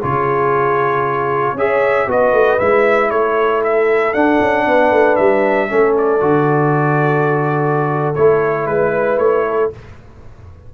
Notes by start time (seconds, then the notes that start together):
0.00 C#3 F4 G#4 C#5
1.54 C#4 G#4 C#5 E5
2.06 B3 F#4 B4 D#5
2.32 A3
2.59 G#3 E4 E5
3.10 A3 A4 C#5
3.63 E5
4.13 D4 F#5
4.40 C#4
4.65 B3 B4
4.91 A3
5.15 G3 E5
5.68 A3 C#4 A4
5.97 D5
6.20 D3 F#4
8.14 A3 E4 C#5
8.66 G#3 B4
9.17 A3 C#5
9.48 A4